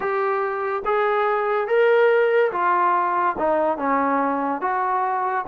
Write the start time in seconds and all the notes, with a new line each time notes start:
0.00 G4
0.85 G#4
1.67 A#4
2.52 F4
3.38 D#4
3.77 C#4
4.61 F#4